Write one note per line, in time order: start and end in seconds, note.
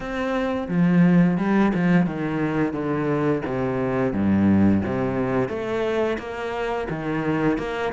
0.00 0.67 C4
0.68 1.37 F3
1.37 1.72 G3
1.74 2.06 F3
2.06 2.73 D#3
2.73 3.42 D3
3.45 4.12 C3
4.12 4.81 G2
4.85 5.48 C3
5.48 6.17 A3
6.18 6.87 A#3
6.89 7.58 D#3
7.58 7.92 A#3